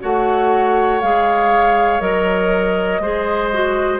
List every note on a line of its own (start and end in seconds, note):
0.00 1.02 A3
0.00 1.00 F#4
0.00 3.02 C#5
0.00 1.01 F#5
1.01 2.00 G#3
1.01 2.00 G#4
1.01 2.00 F5
2.00 2.99 F#3
2.00 3.00 A#4
2.00 3.99 D#5
2.99 3.99 G#3
2.99 3.52 G#4
2.99 3.99 C5
3.53 3.99 F#4